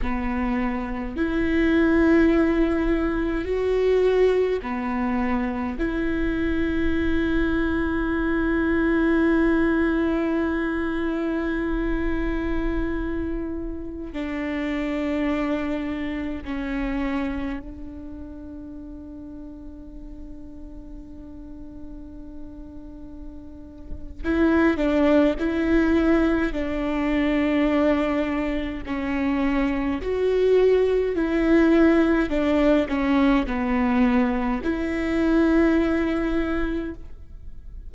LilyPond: \new Staff \with { instrumentName = "viola" } { \time 4/4 \tempo 4 = 52 b4 e'2 fis'4 | b4 e'2.~ | e'1~ | e'16 d'2 cis'4 d'8.~ |
d'1~ | d'4 e'8 d'8 e'4 d'4~ | d'4 cis'4 fis'4 e'4 | d'8 cis'8 b4 e'2 | }